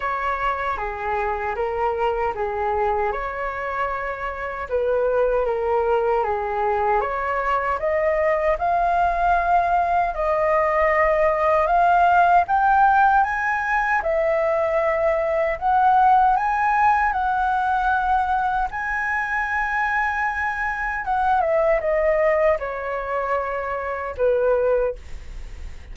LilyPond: \new Staff \with { instrumentName = "flute" } { \time 4/4 \tempo 4 = 77 cis''4 gis'4 ais'4 gis'4 | cis''2 b'4 ais'4 | gis'4 cis''4 dis''4 f''4~ | f''4 dis''2 f''4 |
g''4 gis''4 e''2 | fis''4 gis''4 fis''2 | gis''2. fis''8 e''8 | dis''4 cis''2 b'4 | }